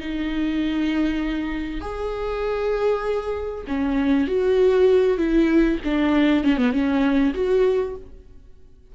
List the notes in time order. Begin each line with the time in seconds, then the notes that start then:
0.00 D#4
1.81 G#4
3.67 C#4
4.27 F#4
5.18 E4
5.84 D4
6.44 C#4
6.57 B3
6.72 C#4
7.34 F#4